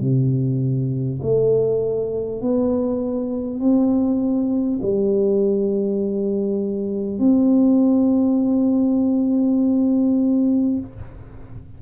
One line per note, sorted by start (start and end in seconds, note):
0.00 1.20 C3
1.22 2.41 A3
2.41 3.59 B3
3.59 4.79 C4
4.82 7.19 G3
7.19 10.79 C4